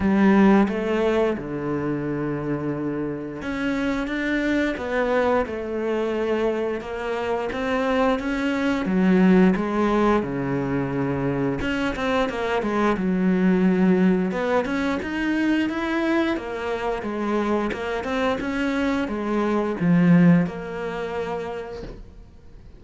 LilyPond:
\new Staff \with { instrumentName = "cello" } { \time 4/4 \tempo 4 = 88 g4 a4 d2~ | d4 cis'4 d'4 b4 | a2 ais4 c'4 | cis'4 fis4 gis4 cis4~ |
cis4 cis'8 c'8 ais8 gis8 fis4~ | fis4 b8 cis'8 dis'4 e'4 | ais4 gis4 ais8 c'8 cis'4 | gis4 f4 ais2 | }